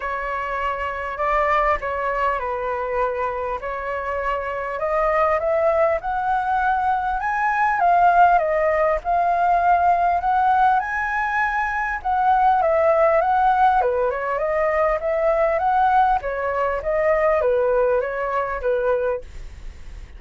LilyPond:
\new Staff \with { instrumentName = "flute" } { \time 4/4 \tempo 4 = 100 cis''2 d''4 cis''4 | b'2 cis''2 | dis''4 e''4 fis''2 | gis''4 f''4 dis''4 f''4~ |
f''4 fis''4 gis''2 | fis''4 e''4 fis''4 b'8 cis''8 | dis''4 e''4 fis''4 cis''4 | dis''4 b'4 cis''4 b'4 | }